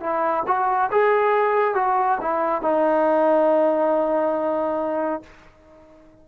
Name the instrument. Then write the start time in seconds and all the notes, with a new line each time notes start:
trombone
0.00 E4
0.47 F#4
0.91 G#4
1.74 F#4
2.21 E4
2.61 D#4